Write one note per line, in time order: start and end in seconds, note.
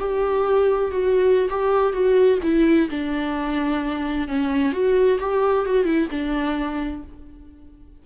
0.00 0.92 G4
0.92 1.50 F#4
1.50 1.93 G4
1.93 2.39 F#4
2.43 2.90 E4
2.90 4.28 D4
4.28 4.73 C#4
4.73 5.19 F#4
5.20 5.66 G4
5.66 5.85 F#4
5.85 6.08 E4
6.11 7.03 D4